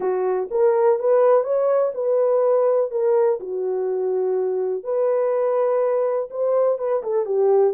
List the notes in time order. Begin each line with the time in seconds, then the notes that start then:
0.00 F#4
0.51 A#4
0.99 B4
1.43 C#5
1.94 B4
2.91 A#4
3.40 F#4
4.83 B4
6.30 C5
6.78 B4
7.03 A4
7.25 G4